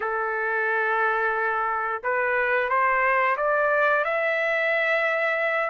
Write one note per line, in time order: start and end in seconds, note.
0.00 2.02 A4
2.03 2.69 B4
2.69 3.36 C5
3.36 4.04 D5
4.04 5.70 E5